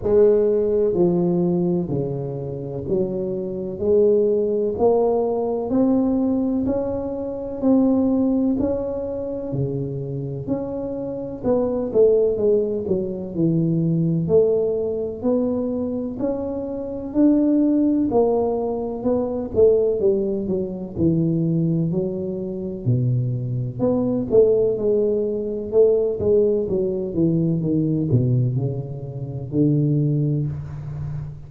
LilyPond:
\new Staff \with { instrumentName = "tuba" } { \time 4/4 \tempo 4 = 63 gis4 f4 cis4 fis4 | gis4 ais4 c'4 cis'4 | c'4 cis'4 cis4 cis'4 | b8 a8 gis8 fis8 e4 a4 |
b4 cis'4 d'4 ais4 | b8 a8 g8 fis8 e4 fis4 | b,4 b8 a8 gis4 a8 gis8 | fis8 e8 dis8 b,8 cis4 d4 | }